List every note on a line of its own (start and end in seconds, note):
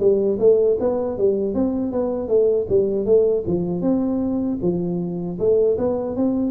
0.00 0.38 G3
0.39 0.78 A3
0.80 1.18 B3
1.18 1.55 G3
1.55 1.92 C4
1.92 2.29 B3
2.29 2.67 A3
2.70 3.06 G3
3.06 3.44 A3
3.47 3.82 F3
3.82 4.59 C4
4.62 5.39 F3
5.40 5.78 A3
5.78 6.17 B3
6.17 6.52 C4